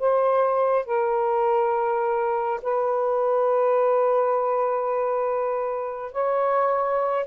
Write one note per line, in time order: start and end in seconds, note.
0.00 0.86 C5
0.86 2.61 A#4
2.63 6.13 B4
6.13 7.27 C#5